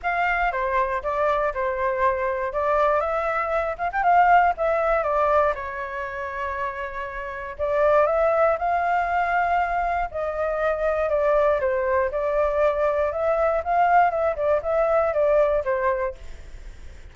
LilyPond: \new Staff \with { instrumentName = "flute" } { \time 4/4 \tempo 4 = 119 f''4 c''4 d''4 c''4~ | c''4 d''4 e''4. f''16 g''16 | f''4 e''4 d''4 cis''4~ | cis''2. d''4 |
e''4 f''2. | dis''2 d''4 c''4 | d''2 e''4 f''4 | e''8 d''8 e''4 d''4 c''4 | }